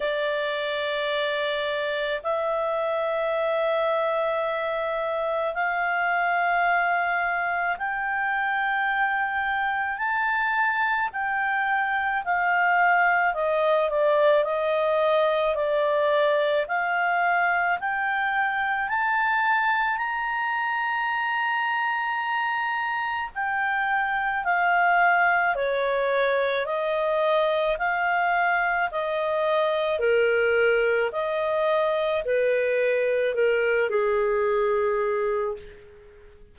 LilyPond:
\new Staff \with { instrumentName = "clarinet" } { \time 4/4 \tempo 4 = 54 d''2 e''2~ | e''4 f''2 g''4~ | g''4 a''4 g''4 f''4 | dis''8 d''8 dis''4 d''4 f''4 |
g''4 a''4 ais''2~ | ais''4 g''4 f''4 cis''4 | dis''4 f''4 dis''4 ais'4 | dis''4 b'4 ais'8 gis'4. | }